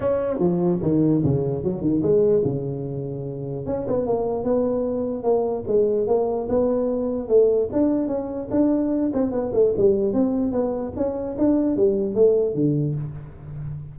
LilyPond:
\new Staff \with { instrumentName = "tuba" } { \time 4/4 \tempo 4 = 148 cis'4 f4 dis4 cis4 | fis8 dis8 gis4 cis2~ | cis4 cis'8 b8 ais4 b4~ | b4 ais4 gis4 ais4 |
b2 a4 d'4 | cis'4 d'4. c'8 b8 a8 | g4 c'4 b4 cis'4 | d'4 g4 a4 d4 | }